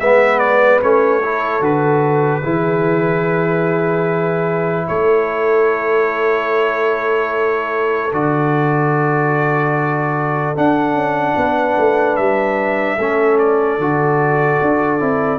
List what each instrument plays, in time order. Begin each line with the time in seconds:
0.00 tuba G#3, trombone B3, horn B4, trumpet E5
0.39 trumpet D5
0.81 tuba A3, trombone C#4, trumpet C#5
1.20 trombone E4, horn A4
1.60 tuba D3, trombone F#4, trumpet B4
2.43 tuba E3, trombone E4, horn G#4
4.88 tuba A3, horn A4, trumpet C#5
8.12 tuba D3, trombone F#4, trumpet D5
10.55 trombone D4, tuba D4, trumpet F#5
10.94 tuba C#4
11.36 tuba B3, horn B4
11.78 tuba A3
12.17 tuba G3, trumpet E5
12.98 tuba A3, trombone C#4, horn A4
13.39 trumpet D5
13.78 tuba D3, trombone F#4
14.61 tuba D4
14.99 tuba C4, trombone E4